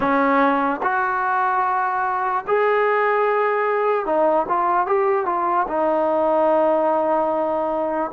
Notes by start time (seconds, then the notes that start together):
0.00 C#4
0.82 F#4
2.47 G#4
4.05 D#4
4.48 F4
4.86 G4
5.25 F4
5.68 D#4